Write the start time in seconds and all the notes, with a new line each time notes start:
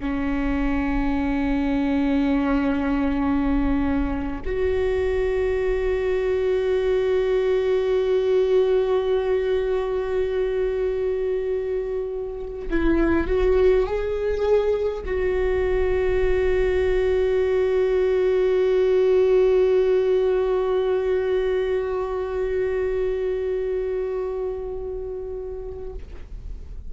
0.00 C#4
4.45 F#4
12.71 E4
13.28 F#4
13.87 G#4
15.05 F#4